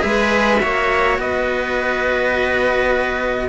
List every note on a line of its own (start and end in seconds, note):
0.00 0.62 G#3
0.00 0.58 G#4
0.00 0.62 B4
0.00 1.18 E5
0.60 1.18 A#3
0.60 3.49 F#4
0.60 1.19 C#5
1.18 3.49 B3
1.18 3.49 B4
1.18 3.49 D#5